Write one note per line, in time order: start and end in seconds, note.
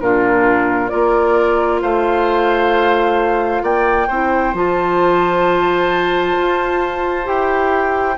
0.00 0.91 A#2
0.00 0.89 D4
0.00 0.91 F4
0.00 0.88 A#4
0.88 1.82 A#3
0.88 4.07 F4
0.88 1.81 A#4
0.88 1.79 D5
1.81 3.62 A3
1.81 3.62 C5
1.81 3.63 F5
3.62 4.07 A#3
3.62 4.07 D5
3.62 4.54 G5
4.07 4.53 C4
4.07 4.55 E4
4.07 8.16 C5
4.53 6.35 F3
4.53 7.24 F4
4.53 7.27 A5
6.38 7.26 F4
7.24 8.17 E4
7.24 8.15 G4
7.24 8.18 G5